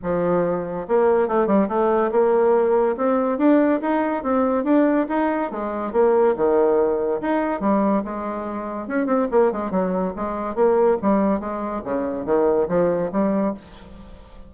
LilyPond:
\new Staff \with { instrumentName = "bassoon" } { \time 4/4 \tempo 4 = 142 f2 ais4 a8 g8 | a4 ais2 c'4 | d'4 dis'4 c'4 d'4 | dis'4 gis4 ais4 dis4~ |
dis4 dis'4 g4 gis4~ | gis4 cis'8 c'8 ais8 gis8 fis4 | gis4 ais4 g4 gis4 | cis4 dis4 f4 g4 | }